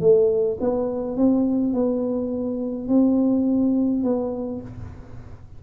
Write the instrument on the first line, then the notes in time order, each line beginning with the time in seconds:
tuba
0.00 A3
0.60 B3
1.17 C4
1.74 B3
2.88 C4
4.04 B3